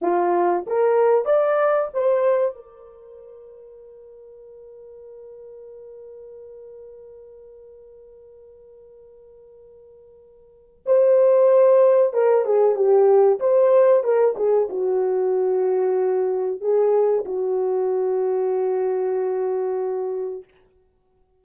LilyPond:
\new Staff \with { instrumentName = "horn" } { \time 4/4 \tempo 4 = 94 f'4 ais'4 d''4 c''4 | ais'1~ | ais'1~ | ais'1~ |
ais'4 c''2 ais'8 gis'8 | g'4 c''4 ais'8 gis'8 fis'4~ | fis'2 gis'4 fis'4~ | fis'1 | }